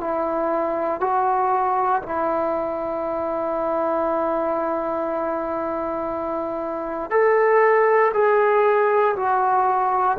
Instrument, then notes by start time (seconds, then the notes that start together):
trombone
0.00 E4
1.00 F#4
2.02 E4
7.10 A4
8.13 G#4
9.16 F#4